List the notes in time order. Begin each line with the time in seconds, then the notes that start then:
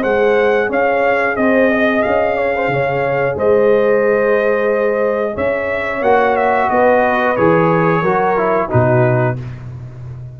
0.00 G#3 G#4 C5 F#5
0.69 C#4 C#5 F5
1.36 C4 C5 D#5
1.72 D#5
2.02 C#4 F5
2.37 C#5
2.56 C5
2.68 C#3 C#5
3.36 G#3 C5 D#5
5.35 C#4 C#5 E5
6.02 A#3 F#4 F#5
6.36 E5
6.70 B3 B4 D#5
7.36 E3 G#4 C#5
8.02 F#3 F#4 A#4
8.37 E4
8.68 B2 D#4 F#4 B4